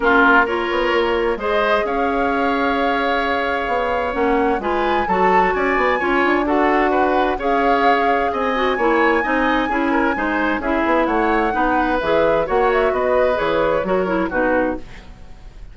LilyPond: <<
  \new Staff \with { instrumentName = "flute" } { \time 4/4 \tempo 4 = 130 ais'4 cis''2 dis''4 | f''1~ | f''4 fis''4 gis''4 a''4 | gis''2 fis''2 |
f''2 gis''2~ | gis''2. e''4 | fis''2 e''4 fis''8 e''8 | dis''4 cis''2 b'4 | }
  \new Staff \with { instrumentName = "oboe" } { \time 4/4 f'4 ais'2 c''4 | cis''1~ | cis''2 b'4 a'4 | d''4 cis''4 a'4 b'4 |
cis''2 dis''4 cis''4 | dis''4 gis'8 ais'8 c''4 gis'4 | cis''4 b'2 cis''4 | b'2 ais'4 fis'4 | }
  \new Staff \with { instrumentName = "clarinet" } { \time 4/4 cis'4 f'2 gis'4~ | gis'1~ | gis'4 cis'4 f'4 fis'4~ | fis'4 f'4 fis'2 |
gis'2~ gis'8 fis'8 e'4 | dis'4 e'4 dis'4 e'4~ | e'4 dis'4 gis'4 fis'4~ | fis'4 gis'4 fis'8 e'8 dis'4 | }
  \new Staff \with { instrumentName = "bassoon" } { \time 4/4 ais4. b8 ais4 gis4 | cis'1 | b4 ais4 gis4 fis4 | cis'8 b8 cis'8 d'2~ d'8 |
cis'2 c'4 ais4 | c'4 cis'4 gis4 cis'8 b8 | a4 b4 e4 ais4 | b4 e4 fis4 b,4 | }
>>